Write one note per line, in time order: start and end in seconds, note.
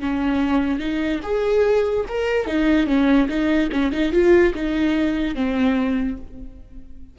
0.00 0.79 C#4
0.79 1.20 D#4
1.23 2.05 G#4
2.08 2.46 A#4
2.46 2.87 D#4
2.87 3.28 C#4
3.29 3.70 D#4
3.72 3.92 C#4
3.92 4.12 D#4
4.12 4.53 F4
4.54 5.35 D#4
5.35 6.17 C4